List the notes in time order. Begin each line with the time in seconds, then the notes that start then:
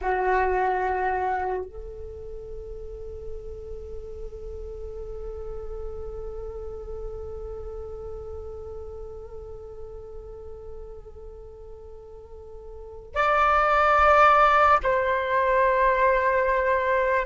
0.01 F#4
1.64 A4
13.14 D5
14.83 C5